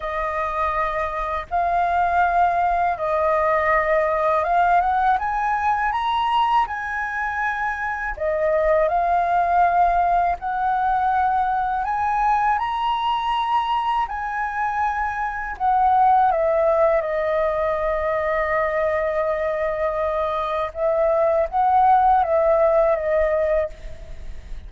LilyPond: \new Staff \with { instrumentName = "flute" } { \time 4/4 \tempo 4 = 81 dis''2 f''2 | dis''2 f''8 fis''8 gis''4 | ais''4 gis''2 dis''4 | f''2 fis''2 |
gis''4 ais''2 gis''4~ | gis''4 fis''4 e''4 dis''4~ | dis''1 | e''4 fis''4 e''4 dis''4 | }